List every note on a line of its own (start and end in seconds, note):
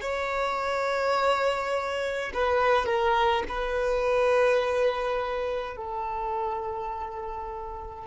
0.00 2.31 C#5
2.33 2.85 B4
2.85 3.43 A#4
3.48 5.76 B4
5.76 8.06 A4